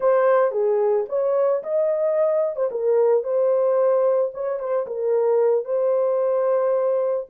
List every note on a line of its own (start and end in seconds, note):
0.00 0.51 C5
0.51 1.05 G#4
1.08 1.62 C#5
1.63 2.56 D#5
2.56 2.69 C5
2.71 3.23 A#4
3.23 4.31 C5
4.34 4.59 C#5
4.59 4.86 C5
4.86 5.64 A#4
5.64 7.27 C5